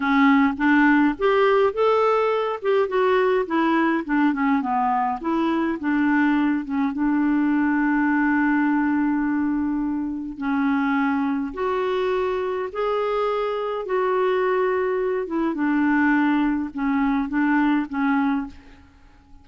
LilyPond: \new Staff \with { instrumentName = "clarinet" } { \time 4/4 \tempo 4 = 104 cis'4 d'4 g'4 a'4~ | a'8 g'8 fis'4 e'4 d'8 cis'8 | b4 e'4 d'4. cis'8 | d'1~ |
d'2 cis'2 | fis'2 gis'2 | fis'2~ fis'8 e'8 d'4~ | d'4 cis'4 d'4 cis'4 | }